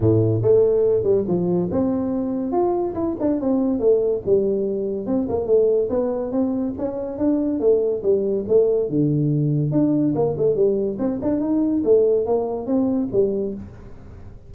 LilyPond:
\new Staff \with { instrumentName = "tuba" } { \time 4/4 \tempo 4 = 142 a,4 a4. g8 f4 | c'2 f'4 e'8 d'8 | c'4 a4 g2 | c'8 ais8 a4 b4 c'4 |
cis'4 d'4 a4 g4 | a4 d2 d'4 | ais8 a8 g4 c'8 d'8 dis'4 | a4 ais4 c'4 g4 | }